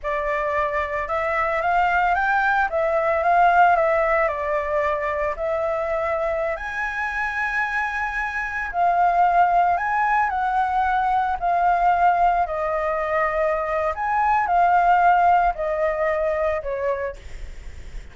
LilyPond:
\new Staff \with { instrumentName = "flute" } { \time 4/4 \tempo 4 = 112 d''2 e''4 f''4 | g''4 e''4 f''4 e''4 | d''2 e''2~ | e''16 gis''2.~ gis''8.~ |
gis''16 f''2 gis''4 fis''8.~ | fis''4~ fis''16 f''2 dis''8.~ | dis''2 gis''4 f''4~ | f''4 dis''2 cis''4 | }